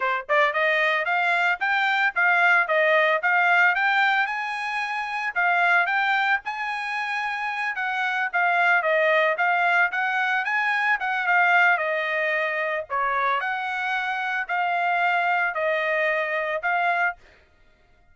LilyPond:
\new Staff \with { instrumentName = "trumpet" } { \time 4/4 \tempo 4 = 112 c''8 d''8 dis''4 f''4 g''4 | f''4 dis''4 f''4 g''4 | gis''2 f''4 g''4 | gis''2~ gis''8 fis''4 f''8~ |
f''8 dis''4 f''4 fis''4 gis''8~ | gis''8 fis''8 f''4 dis''2 | cis''4 fis''2 f''4~ | f''4 dis''2 f''4 | }